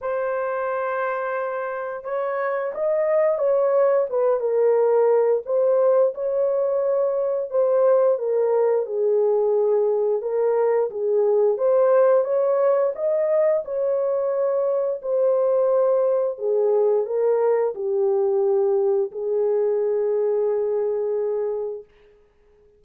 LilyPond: \new Staff \with { instrumentName = "horn" } { \time 4/4 \tempo 4 = 88 c''2. cis''4 | dis''4 cis''4 b'8 ais'4. | c''4 cis''2 c''4 | ais'4 gis'2 ais'4 |
gis'4 c''4 cis''4 dis''4 | cis''2 c''2 | gis'4 ais'4 g'2 | gis'1 | }